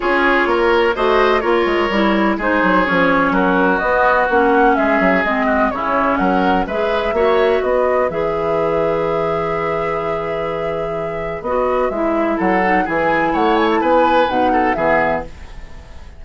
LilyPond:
<<
  \new Staff \with { instrumentName = "flute" } { \time 4/4 \tempo 4 = 126 cis''2 dis''4 cis''4~ | cis''4 c''4 cis''4 ais'4 | dis''4 fis''4 e''4 dis''4 | cis''4 fis''4 e''2 |
dis''4 e''2.~ | e''1 | dis''4 e''4 fis''4 gis''4 | fis''8 gis''16 a''16 gis''4 fis''4 e''4 | }
  \new Staff \with { instrumentName = "oboe" } { \time 4/4 gis'4 ais'4 c''4 ais'4~ | ais'4 gis'2 fis'4~ | fis'2 gis'4. fis'8 | e'4 ais'4 b'4 cis''4 |
b'1~ | b'1~ | b'2 a'4 gis'4 | cis''4 b'4. a'8 gis'4 | }
  \new Staff \with { instrumentName = "clarinet" } { \time 4/4 f'2 fis'4 f'4 | e'4 dis'4 cis'2 | b4 cis'2 c'4 | cis'2 gis'4 fis'4~ |
fis'4 gis'2.~ | gis'1 | fis'4 e'4. dis'8 e'4~ | e'2 dis'4 b4 | }
  \new Staff \with { instrumentName = "bassoon" } { \time 4/4 cis'4 ais4 a4 ais8 gis8 | g4 gis8 fis8 f4 fis4 | b4 ais4 gis8 fis8 gis4 | cis4 fis4 gis4 ais4 |
b4 e2.~ | e1 | b4 gis4 fis4 e4 | a4 b4 b,4 e4 | }
>>